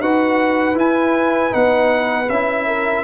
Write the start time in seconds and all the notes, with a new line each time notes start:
0.00 D#4 F#4 B4 F#5
0.75 E4 G#5
1.50 B3 D#4 F#5
2.30 C#4 E4 E5
2.67 A#4